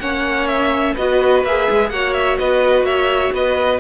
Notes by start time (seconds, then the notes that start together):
0.00 A#3 C#4 C#5 F#5
0.48 E5
0.94 B3 F#4 B4 D#5
1.44 A#3 G#4 E5
1.70 G#3
1.90 A#3 F#4 C#5 F#5
2.13 E5
2.39 B3 B4 D#5
2.82 A#3 C#5 E5
3.32 B3 B4 D#5